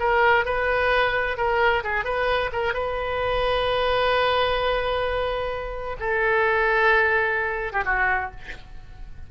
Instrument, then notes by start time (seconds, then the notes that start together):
oboe
0.00 A#4
0.46 B4
1.38 A#4
1.84 G#4
2.05 B4
2.53 A#4
2.74 B4
6.00 A4
7.73 G4
7.85 F#4